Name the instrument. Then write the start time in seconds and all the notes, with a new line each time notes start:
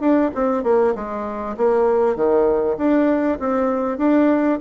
bassoon
0.00 D4
0.35 C4
0.63 A#3
0.95 G#3
1.57 A#3
2.15 D#3
2.77 D4
3.39 C4
3.98 D4